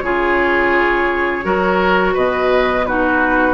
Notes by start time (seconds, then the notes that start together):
0.00 C#3 F4 G#4 C#5
1.43 F#3 F#4 A#4
2.14 B2 B4 D#5
2.85 D#4 F#4 B4